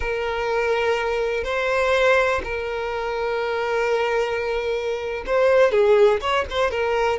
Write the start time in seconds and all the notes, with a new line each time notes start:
0.00 A#4
1.43 C5
2.44 A#4
5.26 C5
5.71 G#4
6.20 C#5
6.50 C5
6.70 A#4